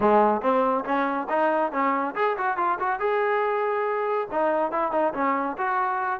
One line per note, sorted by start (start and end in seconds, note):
0.00 0.41 G#3
0.41 0.84 C4
0.84 1.27 C#4
1.29 1.71 D#4
1.71 2.14 C#4
2.15 2.36 G#4
2.37 2.57 F#4
2.57 2.78 F4
2.79 2.99 F#4
2.99 4.28 G#4
4.31 4.71 D#4
4.71 4.91 E4
4.91 5.13 D#4
5.13 5.56 C#4
5.57 6.20 F#4